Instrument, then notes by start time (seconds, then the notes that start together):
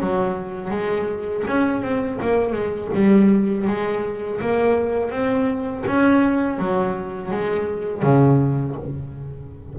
double bass
0.00 F#3
0.71 G#3
1.47 C#4
1.82 C4
2.22 A#3
2.52 G#3
2.94 G3
3.68 G#3
4.41 A#3
5.11 C4
5.87 C#4
6.59 F#3
7.32 G#3
8.03 C#3